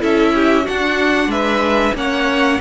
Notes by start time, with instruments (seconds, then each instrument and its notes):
0.00 cello C#4, viola E4, violin A4 E5
0.35 violin G4
0.65 viola D4, cello D4, violin F#4 F#5
1.27 cello G#3, violin B4 E5
1.95 cello A#3, viola C#4, violin C#5 F#5